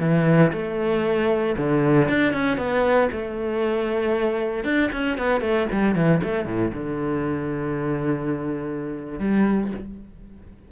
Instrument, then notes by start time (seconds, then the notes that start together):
cello
0.00 E3
0.53 A3
1.58 D3
2.09 D4
2.33 C#4
2.58 B3
3.12 A3
4.65 D4
4.93 C#4
5.18 B3
5.41 A3
5.72 G3
5.95 E3
6.24 A3
6.46 A2
6.74 D3
9.20 G3